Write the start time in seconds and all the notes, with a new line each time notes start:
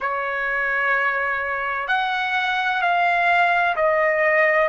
0.00 C#5
1.87 F#5
2.81 F5
3.76 D#5